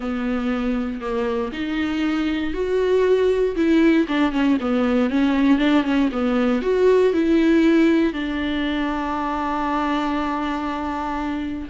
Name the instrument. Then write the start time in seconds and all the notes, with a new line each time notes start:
viola
0.00 B3
1.00 A#3
1.52 D#4
2.53 F#4
3.56 E4
4.07 D4
4.32 C#4
4.60 B3
5.09 C#4
5.58 D4
5.84 C#4
6.12 B3
6.62 F#4
7.13 E4
8.13 D4